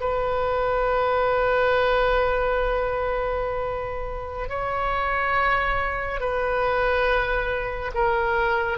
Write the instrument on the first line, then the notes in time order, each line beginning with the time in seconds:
oboe
0.00 B4
4.49 C#5
6.20 B4
7.94 A#4